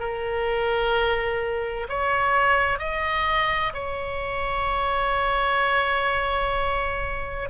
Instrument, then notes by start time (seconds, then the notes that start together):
oboe
0.00 A#4
1.89 C#5
2.79 D#5
3.74 C#5